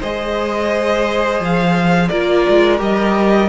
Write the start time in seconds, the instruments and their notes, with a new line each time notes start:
0.00 cello G#3, viola G#4, violin C5 D#5
1.40 cello F3, violin F5
2.09 cello A#3, viola F4, violin A#4 D5
2.49 cello G#3
2.78 cello G3, viola G4, violin D#5